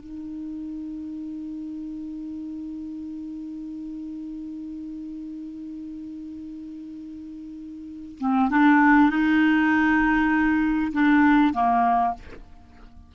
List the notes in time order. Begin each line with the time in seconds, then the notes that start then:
0.00 D#4
8.20 C4
8.50 D4
9.10 D#4
10.93 D4
11.53 A#3